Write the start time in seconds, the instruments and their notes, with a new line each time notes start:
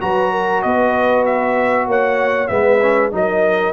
0.00 tuba F#3, trombone F#4, horn B4, trumpet A#5
0.32 horn A#4
0.62 tuba B3, horn B4, trumpet D#5
1.25 trumpet E5
1.86 tuba A#3, horn C#5, trumpet F#5
2.47 tuba G#3, trombone B3, horn B4, trumpet E5
2.82 trombone C#4
3.11 tuba F#3, trombone D#4, horn A#4, trumpet D#5